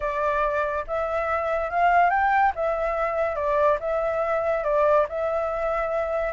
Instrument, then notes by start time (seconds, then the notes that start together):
flute
0.00 D5
0.87 E5
1.70 F5
2.10 G5
2.55 E5
3.35 D5
3.80 E5
4.64 D5
5.08 E5